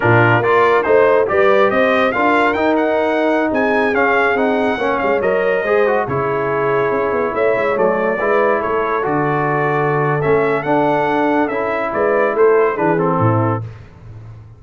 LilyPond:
<<
  \new Staff \with { instrumentName = "trumpet" } { \time 4/4 \tempo 4 = 141 ais'4 d''4 c''4 d''4 | dis''4 f''4 g''8 fis''4.~ | fis''16 gis''4 f''4 fis''4. f''16~ | f''16 dis''2 cis''4.~ cis''16~ |
cis''4~ cis''16 e''4 d''4.~ d''16~ | d''16 cis''4 d''2~ d''8. | e''4 fis''2 e''4 | d''4 c''4 b'8 a'4. | }
  \new Staff \with { instrumentName = "horn" } { \time 4/4 f'4 ais'4 c''4 b'4 | c''4 ais'2.~ | ais'16 gis'2. cis''8.~ | cis''4~ cis''16 c''4 gis'4.~ gis'16~ |
gis'4~ gis'16 cis''2 b'8.~ | b'16 a'2.~ a'8.~ | a'1 | b'4 a'4 gis'4 e'4 | }
  \new Staff \with { instrumentName = "trombone" } { \time 4/4 d'4 f'4 dis'4 g'4~ | g'4 f'4 dis'2~ | dis'4~ dis'16 cis'4 dis'4 cis'8.~ | cis'16 ais'4 gis'8 fis'8 e'4.~ e'16~ |
e'2~ e'16 a4 e'8.~ | e'4~ e'16 fis'2~ fis'8. | cis'4 d'2 e'4~ | e'2 d'8 c'4. | }
  \new Staff \with { instrumentName = "tuba" } { \time 4/4 ais,4 ais4 a4 g4 | c'4 d'4 dis'2~ | dis'16 c'4 cis'4 c'4 ais8 gis16~ | gis16 fis4 gis4 cis4.~ cis16~ |
cis16 cis'8 b8 a8 gis8 fis4 gis8.~ | gis16 a4 d2~ d8. | a4 d'2 cis'4 | gis4 a4 e4 a,4 | }
>>